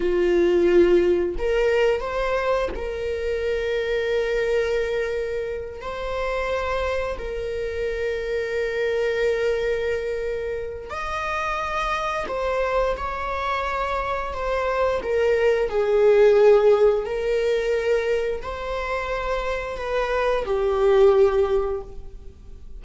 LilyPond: \new Staff \with { instrumentName = "viola" } { \time 4/4 \tempo 4 = 88 f'2 ais'4 c''4 | ais'1~ | ais'8 c''2 ais'4.~ | ais'1 |
dis''2 c''4 cis''4~ | cis''4 c''4 ais'4 gis'4~ | gis'4 ais'2 c''4~ | c''4 b'4 g'2 | }